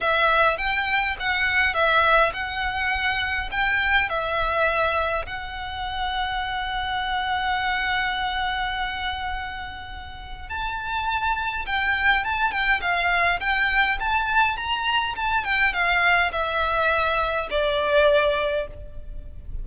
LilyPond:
\new Staff \with { instrumentName = "violin" } { \time 4/4 \tempo 4 = 103 e''4 g''4 fis''4 e''4 | fis''2 g''4 e''4~ | e''4 fis''2.~ | fis''1~ |
fis''2 a''2 | g''4 a''8 g''8 f''4 g''4 | a''4 ais''4 a''8 g''8 f''4 | e''2 d''2 | }